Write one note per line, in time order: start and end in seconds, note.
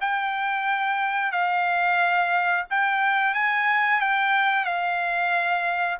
0.00 1.31 G5
1.31 2.65 F5
2.70 3.34 G5
3.34 4.00 G#5
4.00 4.65 G5
4.65 5.98 F5